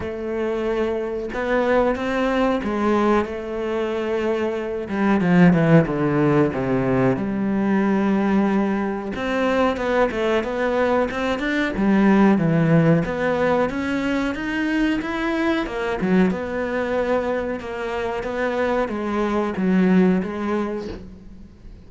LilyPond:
\new Staff \with { instrumentName = "cello" } { \time 4/4 \tempo 4 = 92 a2 b4 c'4 | gis4 a2~ a8 g8 | f8 e8 d4 c4 g4~ | g2 c'4 b8 a8 |
b4 c'8 d'8 g4 e4 | b4 cis'4 dis'4 e'4 | ais8 fis8 b2 ais4 | b4 gis4 fis4 gis4 | }